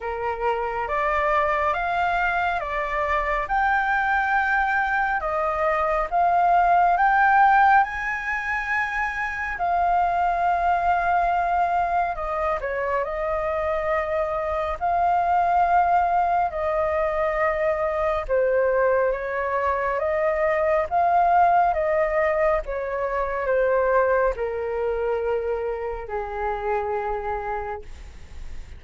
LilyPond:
\new Staff \with { instrumentName = "flute" } { \time 4/4 \tempo 4 = 69 ais'4 d''4 f''4 d''4 | g''2 dis''4 f''4 | g''4 gis''2 f''4~ | f''2 dis''8 cis''8 dis''4~ |
dis''4 f''2 dis''4~ | dis''4 c''4 cis''4 dis''4 | f''4 dis''4 cis''4 c''4 | ais'2 gis'2 | }